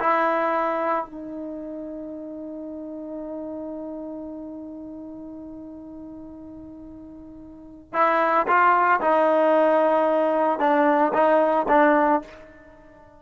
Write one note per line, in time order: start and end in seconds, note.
0.00 1.05 E4
1.05 7.93 D#4
7.93 8.46 E4
8.47 9.00 F4
9.00 10.59 D#4
10.59 11.12 D4
11.13 11.66 D#4
11.68 12.21 D4